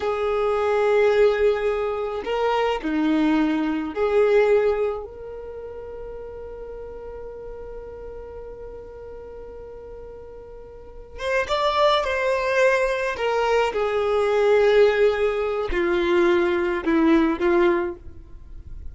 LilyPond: \new Staff \with { instrumentName = "violin" } { \time 4/4 \tempo 4 = 107 gis'1 | ais'4 dis'2 gis'4~ | gis'4 ais'2.~ | ais'1~ |
ais'1 | c''8 d''4 c''2 ais'8~ | ais'8 gis'2.~ gis'8 | f'2 e'4 f'4 | }